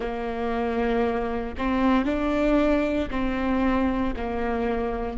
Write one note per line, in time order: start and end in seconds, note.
0.00 1.55 A#3
1.57 2.05 C4
2.05 3.08 D4
3.10 4.14 C4
4.16 5.17 A#3